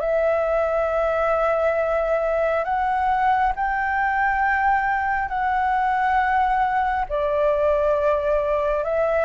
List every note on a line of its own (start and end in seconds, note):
0.00 2.65 E5
2.65 3.53 F#5
3.56 5.29 G5
5.29 7.05 F#5
7.09 8.84 D5
8.84 9.26 E5